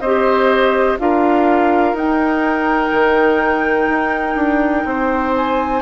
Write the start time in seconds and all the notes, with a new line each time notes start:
0.00 C4 G4 C5 D#5
0.99 D4 F4 A#4 F5
1.93 D#4 G5
2.92 D#3
3.89 D#4
4.35 D4
4.84 C4 C5
5.35 G#5